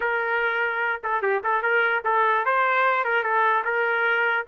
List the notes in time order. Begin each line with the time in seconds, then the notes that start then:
0.00 A#4
1.03 A4
1.21 G4
1.43 A4
1.62 A#4
2.04 A4
2.45 C5
3.04 A#4
3.23 A4
3.64 A#4